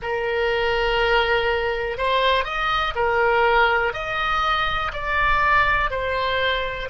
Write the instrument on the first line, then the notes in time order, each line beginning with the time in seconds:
oboe
0.02 A#4
1.97 C5
2.44 D#5
2.95 A#4
3.93 D#5
4.92 D5
5.90 C5